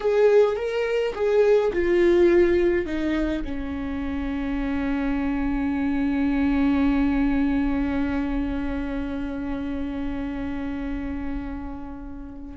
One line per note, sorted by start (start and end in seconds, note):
0.00 0.56 G#4
0.56 1.13 A#4
1.15 1.72 G#4
1.72 2.86 F4
2.86 3.43 D#4
3.44 12.57 C#4